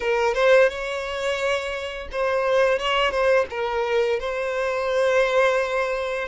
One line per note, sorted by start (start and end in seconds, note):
0.00 0.34 A#4
0.34 0.68 C5
0.68 2.08 C#5
2.11 2.78 C5
2.78 3.10 C#5
3.10 3.45 C5
3.50 4.19 A#4
4.19 6.28 C5